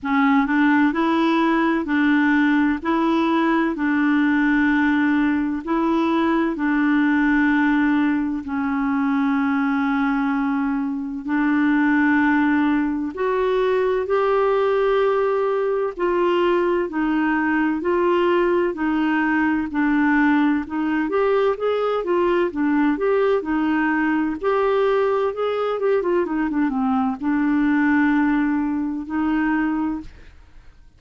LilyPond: \new Staff \with { instrumentName = "clarinet" } { \time 4/4 \tempo 4 = 64 cis'8 d'8 e'4 d'4 e'4 | d'2 e'4 d'4~ | d'4 cis'2. | d'2 fis'4 g'4~ |
g'4 f'4 dis'4 f'4 | dis'4 d'4 dis'8 g'8 gis'8 f'8 | d'8 g'8 dis'4 g'4 gis'8 g'16 f'16 | dis'16 d'16 c'8 d'2 dis'4 | }